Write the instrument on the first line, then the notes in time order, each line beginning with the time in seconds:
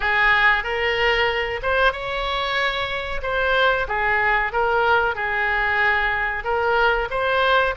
oboe
0.00 G#4
0.63 A#4
1.62 C5
1.92 C#5
3.22 C5
3.87 G#4
4.52 A#4
5.15 G#4
6.44 A#4
7.10 C5